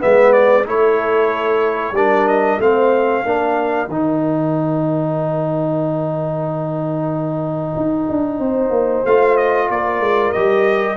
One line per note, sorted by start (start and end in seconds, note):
0.00 0.67 G#3
0.00 0.65 B3
0.00 0.67 B4
0.00 0.33 E5
0.33 0.65 D5
0.65 1.92 A3
0.65 1.94 E4
0.65 1.96 A4
0.65 1.96 C#5
1.92 2.57 G3
1.92 2.61 D4
1.92 2.60 A#4
1.92 2.28 D5
2.28 2.60 D#5
2.59 3.23 A3
2.59 3.24 C4
2.59 3.25 C5
2.59 3.90 F5
3.24 3.88 A#3
3.24 3.89 D4
3.24 8.40 A#4
3.88 7.76 D#3
3.88 9.07 D#4
3.88 9.06 G5
7.76 8.09 D#4
8.09 8.40 D4
8.40 8.70 C4
8.40 9.69 C5
8.70 9.03 A#3
9.06 9.70 A3
9.06 10.35 F4
9.06 9.37 F5
9.37 9.69 D#5
9.70 10.00 A#3
9.70 10.97 A#4
9.70 10.32 D5
10.00 10.33 G#3
10.32 10.97 G3
10.32 10.97 G4
10.32 10.97 D#5